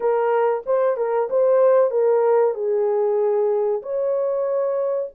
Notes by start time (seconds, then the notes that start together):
0.00 A#4
0.66 C5
0.97 A#4
1.30 C5
1.91 A#4
2.54 G#4
3.82 C#5